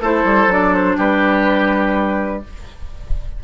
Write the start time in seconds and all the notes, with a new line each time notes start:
0.00 A3 E4 A4 C5
0.24 G3
0.47 F#3 D4 D5
0.74 C5
0.97 G3 G4 B4